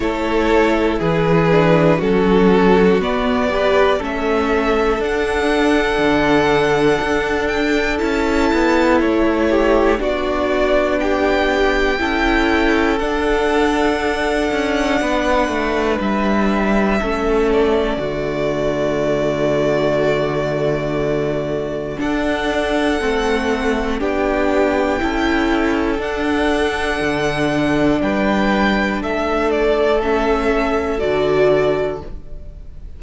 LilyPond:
<<
  \new Staff \with { instrumentName = "violin" } { \time 4/4 \tempo 4 = 60 cis''4 b'4 a'4 d''4 | e''4 fis''2~ fis''8 g''8 | a''4 cis''4 d''4 g''4~ | g''4 fis''2. |
e''4. d''2~ d''8~ | d''2 fis''2 | g''2 fis''2 | g''4 e''8 d''8 e''4 d''4 | }
  \new Staff \with { instrumentName = "violin" } { \time 4/4 a'4 gis'4 fis'4. b'8 | a'1~ | a'4. g'8 fis'4 g'4 | a'2. b'4~ |
b'4 a'4 fis'2~ | fis'2 a'2 | g'4 a'2. | b'4 a'2. | }
  \new Staff \with { instrumentName = "viola" } { \time 4/4 e'4. d'8 cis'4 b8 g'8 | cis'4 d'2. | e'2 d'2 | e'4 d'2.~ |
d'4 cis'4 a2~ | a2 d'4 c'4 | d'4 e'4 d'2~ | d'2 cis'4 fis'4 | }
  \new Staff \with { instrumentName = "cello" } { \time 4/4 a4 e4 fis4 b4 | a4 d'4 d4 d'4 | cis'8 b8 a4 b2 | cis'4 d'4. cis'8 b8 a8 |
g4 a4 d2~ | d2 d'4 a4 | b4 cis'4 d'4 d4 | g4 a2 d4 | }
>>